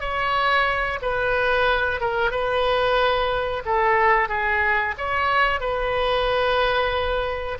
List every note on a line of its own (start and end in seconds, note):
0.00 0.99 C#5
1.02 2.00 B4
2.00 2.31 A#4
2.31 3.63 B4
3.65 4.29 A4
4.29 4.95 G#4
4.98 5.60 C#5
5.60 7.58 B4